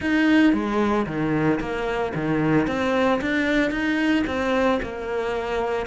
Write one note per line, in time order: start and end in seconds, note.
0.00 0.53 D#4
0.53 1.06 G#3
1.06 1.59 D#3
1.59 2.12 A#3
2.14 2.67 D#3
2.67 3.20 C4
3.21 3.70 D4
3.70 4.23 D#4
4.26 4.80 C4
4.82 5.86 A#3